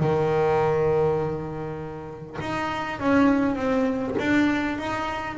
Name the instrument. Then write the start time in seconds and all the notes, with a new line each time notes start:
double bass
0.00 D#3
2.41 D#4
3.00 C#4
3.56 C4
4.19 D4
4.79 D#4